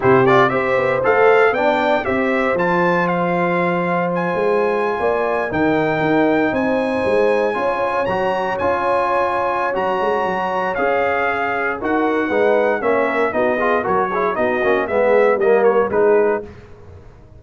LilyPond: <<
  \new Staff \with { instrumentName = "trumpet" } { \time 4/4 \tempo 4 = 117 c''8 d''8 e''4 f''4 g''4 | e''4 a''4 f''2 | gis''2~ gis''8. g''4~ g''16~ | g''8. gis''2. ais''16~ |
ais''8. gis''2~ gis''16 ais''4~ | ais''4 f''2 fis''4~ | fis''4 e''4 dis''4 cis''4 | dis''4 e''4 dis''8 cis''8 b'4 | }
  \new Staff \with { instrumentName = "horn" } { \time 4/4 g'4 c''2 d''4 | c''1~ | c''4.~ c''16 d''4 ais'4~ ais'16~ | ais'8. c''2 cis''4~ cis''16~ |
cis''1~ | cis''2. ais'4 | b'4 cis''8 ais'8 fis'8 gis'8 ais'8 gis'8 | fis'4 gis'4 ais'4 gis'4 | }
  \new Staff \with { instrumentName = "trombone" } { \time 4/4 e'8 f'8 g'4 a'4 d'4 | g'4 f'2.~ | f'2~ f'8. dis'4~ dis'16~ | dis'2~ dis'8. f'4 fis'16~ |
fis'8. f'2~ f'16 fis'4~ | fis'4 gis'2 fis'4 | dis'4 cis'4 dis'8 f'8 fis'8 e'8 | dis'8 cis'8 b4 ais4 dis'4 | }
  \new Staff \with { instrumentName = "tuba" } { \time 4/4 c4 c'8 b8 a4 b4 | c'4 f2.~ | f8 gis4~ gis16 ais4 dis4 dis'16~ | dis'8. c'4 gis4 cis'4 fis16~ |
fis8. cis'2~ cis'16 fis8 gis8 | fis4 cis'2 dis'4 | gis4 ais4 b4 fis4 | b8 ais8 gis4 g4 gis4 | }
>>